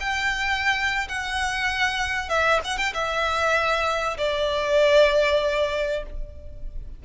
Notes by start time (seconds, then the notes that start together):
0.00 G5
1.09 F#5
2.29 E5
2.65 F#5
2.78 G5
2.94 E5
4.18 D5